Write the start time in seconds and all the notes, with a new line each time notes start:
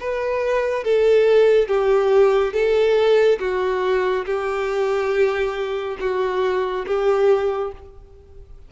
0.00 B4
0.84 A4
1.68 G4
2.53 A4
3.39 F#4
4.25 G4
6.00 F#4
6.86 G4